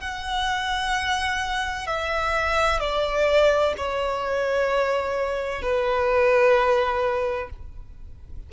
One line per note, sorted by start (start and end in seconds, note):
0.00 1.86 F#5
1.86 2.80 E5
2.80 3.73 D5
3.77 5.62 C#5
5.62 7.49 B4